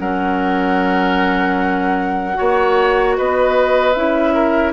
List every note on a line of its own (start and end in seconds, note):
0.00 2.37 F#3
0.00 2.34 C#4
0.00 2.38 A#4
0.00 3.16 F#5
2.34 3.92 F#4
2.34 3.17 C#5
2.41 3.19 A#3
3.17 3.96 B3
3.17 4.35 B4
3.17 3.93 D#5
3.93 4.73 C#4
3.93 4.73 E4
3.93 4.72 E5
4.35 4.73 A#4